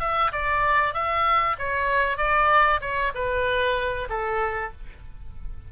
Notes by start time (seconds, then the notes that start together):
0.00 E5
0.32 D5
0.94 E5
1.59 C#5
2.18 D5
2.81 C#5
3.14 B4
4.09 A4